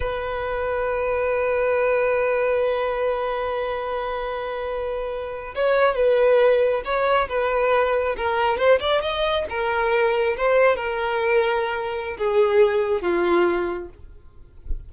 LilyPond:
\new Staff \with { instrumentName = "violin" } { \time 4/4 \tempo 4 = 138 b'1~ | b'1~ | b'1~ | b'8. cis''4 b'2 cis''16~ |
cis''8. b'2 ais'4 c''16~ | c''16 d''8 dis''4 ais'2 c''16~ | c''8. ais'2.~ ais'16 | gis'2 f'2 | }